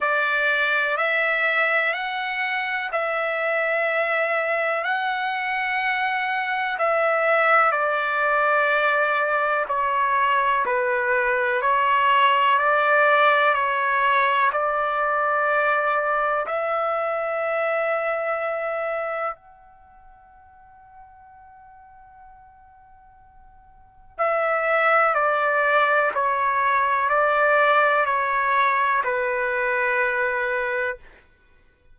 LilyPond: \new Staff \with { instrumentName = "trumpet" } { \time 4/4 \tempo 4 = 62 d''4 e''4 fis''4 e''4~ | e''4 fis''2 e''4 | d''2 cis''4 b'4 | cis''4 d''4 cis''4 d''4~ |
d''4 e''2. | fis''1~ | fis''4 e''4 d''4 cis''4 | d''4 cis''4 b'2 | }